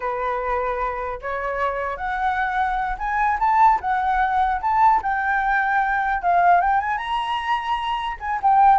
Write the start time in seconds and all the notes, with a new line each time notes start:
0.00 B4
1.21 C#5
1.97 F#5
2.98 G#5
3.39 A5
3.80 F#5
4.61 A5
5.02 G5
6.22 F5
6.60 G5
6.80 G#5
6.97 A#5
8.19 G#5
8.42 G5